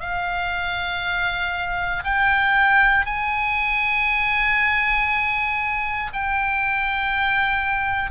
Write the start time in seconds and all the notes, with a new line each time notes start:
0.00 F5
2.04 G5
3.05 G#5
6.12 G5